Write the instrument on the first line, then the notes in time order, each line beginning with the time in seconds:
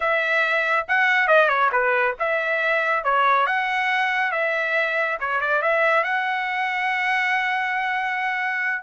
trumpet
0.00 E5
0.88 F#5
1.27 D#5
1.48 C#5
1.71 B4
2.19 E5
3.03 C#5
3.46 F#5
4.31 E5
5.20 C#5
5.41 D5
5.62 E5
6.03 F#5